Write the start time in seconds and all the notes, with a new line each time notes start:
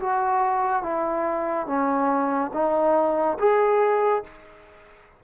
0.00 F#4
0.83 E4
1.67 C#4
2.54 D#4
3.39 G#4